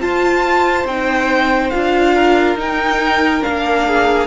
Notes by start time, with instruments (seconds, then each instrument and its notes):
0.00 viola F4, cello F4, violin C5 A5
0.85 cello C4, viola D#4, violin G5
1.70 cello D4, viola F4, violin F5
2.15 violin A#4
2.56 cello D#4, viola D#4, violin G5
3.42 cello A#3, viola D4, violin F5
3.87 violin G#4